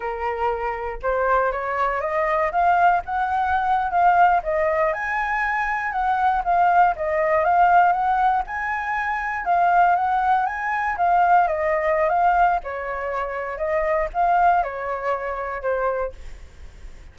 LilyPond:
\new Staff \with { instrumentName = "flute" } { \time 4/4 \tempo 4 = 119 ais'2 c''4 cis''4 | dis''4 f''4 fis''4.~ fis''16 f''16~ | f''8. dis''4 gis''2 fis''16~ | fis''8. f''4 dis''4 f''4 fis''16~ |
fis''8. gis''2 f''4 fis''16~ | fis''8. gis''4 f''4 dis''4~ dis''16 | f''4 cis''2 dis''4 | f''4 cis''2 c''4 | }